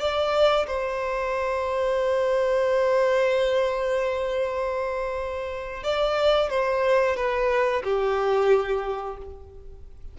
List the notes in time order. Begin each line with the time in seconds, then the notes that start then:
0.00 D5
0.67 C5
5.84 D5
6.50 C5
7.16 B4
7.84 G4